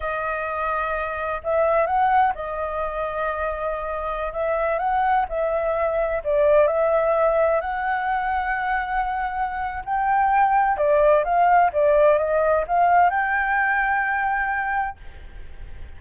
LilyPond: \new Staff \with { instrumentName = "flute" } { \time 4/4 \tempo 4 = 128 dis''2. e''4 | fis''4 dis''2.~ | dis''4~ dis''16 e''4 fis''4 e''8.~ | e''4~ e''16 d''4 e''4.~ e''16~ |
e''16 fis''2.~ fis''8.~ | fis''4 g''2 d''4 | f''4 d''4 dis''4 f''4 | g''1 | }